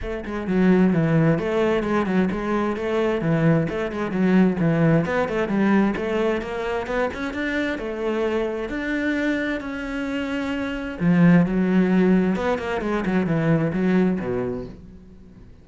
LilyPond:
\new Staff \with { instrumentName = "cello" } { \time 4/4 \tempo 4 = 131 a8 gis8 fis4 e4 a4 | gis8 fis8 gis4 a4 e4 | a8 gis8 fis4 e4 b8 a8 | g4 a4 ais4 b8 cis'8 |
d'4 a2 d'4~ | d'4 cis'2. | f4 fis2 b8 ais8 | gis8 fis8 e4 fis4 b,4 | }